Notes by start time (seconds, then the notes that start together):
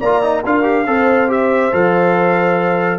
0.00 A#3 F4 D5 A#5
0.23 D#4
0.45 D4 F4 A#4 F5
0.63 G4
0.87 C4 A4 C5
1.28 G4 E5
1.72 F3 A4 F5